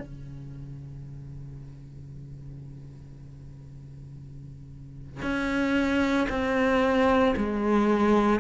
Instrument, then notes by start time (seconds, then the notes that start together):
cello
0.00 C#3
5.22 C#4
6.30 C4
7.37 G#3